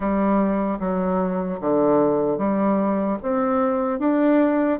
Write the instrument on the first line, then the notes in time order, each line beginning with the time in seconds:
bassoon
0.00 G3
0.79 F#3
1.60 D3
2.38 G3
3.22 C4
3.99 D4